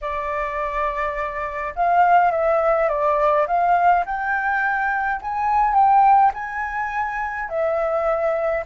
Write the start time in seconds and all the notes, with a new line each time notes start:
0.01 D5
1.75 F5
2.31 E5
2.88 D5
3.47 F5
4.05 G5
5.21 G#5
5.74 G5
6.33 G#5
7.49 E5